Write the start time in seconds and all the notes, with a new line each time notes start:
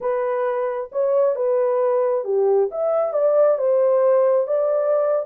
0.01 B4
0.92 C#5
1.35 B4
2.24 G4
2.71 E5
3.13 D5
3.58 C5
4.47 D5